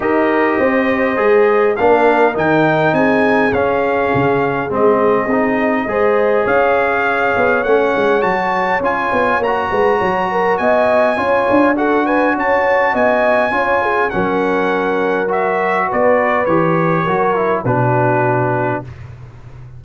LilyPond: <<
  \new Staff \with { instrumentName = "trumpet" } { \time 4/4 \tempo 4 = 102 dis''2. f''4 | g''4 gis''4 f''2 | dis''2. f''4~ | f''4 fis''4 a''4 gis''4 |
ais''2 gis''2 | fis''8 gis''8 a''4 gis''2 | fis''2 e''4 d''4 | cis''2 b'2 | }
  \new Staff \with { instrumentName = "horn" } { \time 4/4 ais'4 c''2 ais'4~ | ais'4 gis'2.~ | gis'2 c''4 cis''4~ | cis''1~ |
cis''8 b'8 cis''8 ais'8 dis''4 cis''4 | a'8 b'8 cis''4 dis''4 cis''8 gis'8 | ais'2. b'4~ | b'4 ais'4 fis'2 | }
  \new Staff \with { instrumentName = "trombone" } { \time 4/4 g'2 gis'4 d'4 | dis'2 cis'2 | c'4 dis'4 gis'2~ | gis'4 cis'4 fis'4 f'4 |
fis'2. f'4 | fis'2. f'4 | cis'2 fis'2 | g'4 fis'8 e'8 d'2 | }
  \new Staff \with { instrumentName = "tuba" } { \time 4/4 dis'4 c'4 gis4 ais4 | dis4 c'4 cis'4 cis4 | gis4 c'4 gis4 cis'4~ | cis'8 b8 a8 gis8 fis4 cis'8 b8 |
ais8 gis8 fis4 b4 cis'8 d'8~ | d'4 cis'4 b4 cis'4 | fis2. b4 | e4 fis4 b,2 | }
>>